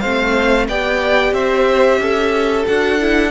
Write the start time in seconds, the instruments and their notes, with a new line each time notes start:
0.00 cello A3, viola C4, violin C5 F5
0.68 cello B3, viola G4, violin D5 G5
1.33 cello C4, violin C5 E5
1.98 cello C#4, violin A4
2.67 cello D4, viola F#4, violin F#5
3.00 viola E4